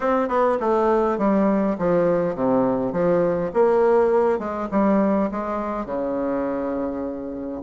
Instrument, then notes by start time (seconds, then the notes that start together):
bassoon
0.00 C4
0.28 B3
0.60 A3
1.18 G3
1.78 F3
2.35 C3
2.92 F3
3.53 A#3
4.38 G#3
4.71 G3
5.31 G#3
5.85 C#3